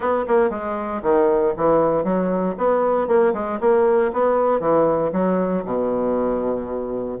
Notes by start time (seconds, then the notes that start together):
0.00 B3
0.27 A#3
0.50 G#3
1.02 D#3
1.56 E3
2.04 F#3
2.57 B3
3.07 A#3
3.33 G#3
3.60 A#3
4.12 B3
4.59 E3
5.12 F#3
5.64 B2